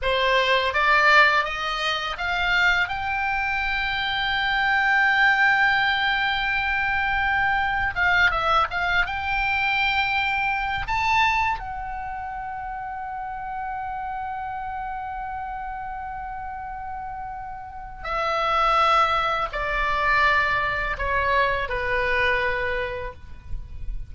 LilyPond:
\new Staff \with { instrumentName = "oboe" } { \time 4/4 \tempo 4 = 83 c''4 d''4 dis''4 f''4 | g''1~ | g''2. f''8 e''8 | f''8 g''2~ g''8 a''4 |
fis''1~ | fis''1~ | fis''4 e''2 d''4~ | d''4 cis''4 b'2 | }